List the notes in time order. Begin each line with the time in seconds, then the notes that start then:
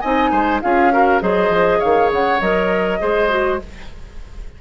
0.00 C4 D#4 D#5 G#5
0.31 G#3 C5
0.62 C#4 F4 G#4 F5
0.92 F#4 A#4
1.21 F#3 G#4 C5 D#5
1.49 F3
1.79 D#3 C#5 F5
2.11 C#3 F#5
2.41 F#3 A#4 D#5
3.00 G#3 G#4 C5
3.29 F#4